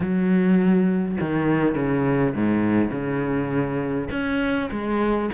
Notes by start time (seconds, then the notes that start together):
0.00 F#3
1.20 D#3
1.75 C#3
2.35 G#2
2.91 C#3
4.10 C#4
4.71 G#3